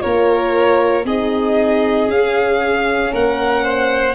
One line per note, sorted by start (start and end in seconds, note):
0.00 1.05 A#3
0.00 1.03 F4
0.00 1.06 A#4
0.00 1.05 C#5
1.05 2.08 C4
1.05 2.10 D#4
1.05 3.12 G#4
1.05 2.10 D#5
2.08 3.11 C#4
2.08 4.14 C#4
2.08 3.14 F5
3.12 4.14 A#3
3.12 3.64 A#4
3.12 4.14 F#5
3.64 4.14 C5